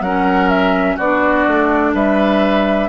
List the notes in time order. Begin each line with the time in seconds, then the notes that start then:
0.00 F#3 C#4 A#4 F#5
0.48 E5
0.96 B3 D4 F#4 D5
1.47 A3
1.93 G3 B4 E5